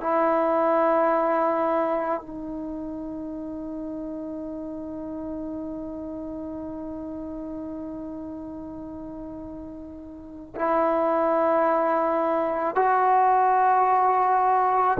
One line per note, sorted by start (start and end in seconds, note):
0.00 2.21 E4
2.21 10.55 D#4
10.56 12.76 E4
12.76 14.98 F#4